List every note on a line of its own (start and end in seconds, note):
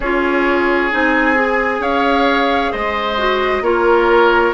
0.00 0.90 C#4
0.00 0.91 F4
0.00 1.81 G#4
0.00 0.91 C#5
0.91 1.79 C4
0.91 1.34 D#4
0.91 1.82 G#5
1.34 3.16 G#4
1.79 2.70 C#4
1.79 2.71 C#5
1.79 2.72 F5
2.71 3.61 G#3
2.71 3.62 C5
2.71 3.63 D#5
3.17 3.62 F#4
3.61 4.52 A#3
3.61 4.53 F4
3.61 4.54 A#4
3.61 4.54 C#5